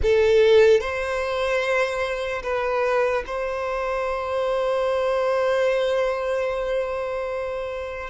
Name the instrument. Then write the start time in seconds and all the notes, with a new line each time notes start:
violin
0.02 A4
0.80 C5
2.43 B4
3.26 C5